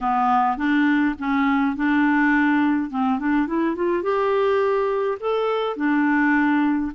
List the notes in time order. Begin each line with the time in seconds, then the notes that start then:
0.00 B3
0.57 D4
1.19 C#4
1.75 D4
2.90 C4
3.19 D4
3.47 E4
3.75 F4
4.02 G4
5.20 A4
5.76 D4